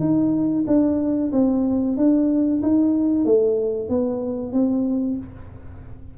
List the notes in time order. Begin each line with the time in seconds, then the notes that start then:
0.00 D#4
0.67 D4
1.32 C4
1.97 D4
2.62 D#4
3.25 A3
3.89 B3
4.52 C4